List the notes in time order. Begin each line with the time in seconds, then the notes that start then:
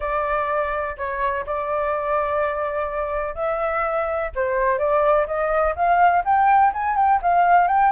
0.00 D5
0.97 C#5
1.46 D5
3.34 E5
4.35 C5
4.78 D5
5.26 D#5
5.75 F5
6.24 G5
6.73 G#5
6.96 G5
7.22 F5
7.67 G5